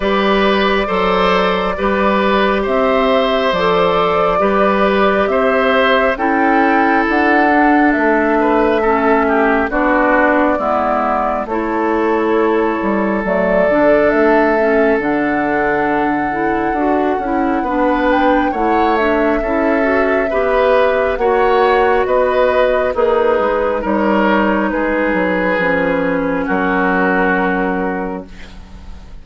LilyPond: <<
  \new Staff \with { instrumentName = "flute" } { \time 4/4 \tempo 4 = 68 d''2. e''4 | d''2 e''4 g''4 | fis''4 e''2 d''4~ | d''4 cis''2 d''4 |
e''4 fis''2.~ | fis''8 g''8 fis''8 e''2~ e''8 | fis''4 dis''4 b'4 cis''4 | b'2 ais'2 | }
  \new Staff \with { instrumentName = "oboe" } { \time 4/4 b'4 c''4 b'4 c''4~ | c''4 b'4 c''4 a'4~ | a'4. b'8 a'8 g'8 fis'4 | e'4 a'2.~ |
a'1 | b'4 cis''4 a'4 b'4 | cis''4 b'4 dis'4 ais'4 | gis'2 fis'2 | }
  \new Staff \with { instrumentName = "clarinet" } { \time 4/4 g'4 a'4 g'2 | a'4 g'2 e'4~ | e'8 d'4. cis'4 d'4 | b4 e'2 a8 d'8~ |
d'8 cis'8 d'4. e'8 fis'8 e'8 | d'4 e'8 d'8 e'8 fis'8 g'4 | fis'2 gis'4 dis'4~ | dis'4 cis'2. | }
  \new Staff \with { instrumentName = "bassoon" } { \time 4/4 g4 fis4 g4 c'4 | f4 g4 c'4 cis'4 | d'4 a2 b4 | gis4 a4. g8 fis8 d8 |
a4 d2 d'8 cis'8 | b4 a4 cis'4 b4 | ais4 b4 ais8 gis8 g4 | gis8 fis8 f4 fis2 | }
>>